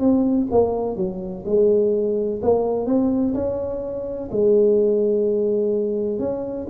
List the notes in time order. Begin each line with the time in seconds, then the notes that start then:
0.00 C4
0.51 A#3
0.97 F#3
1.46 G#3
2.42 A#3
2.87 C4
3.34 C#4
4.32 G#3
6.19 C#4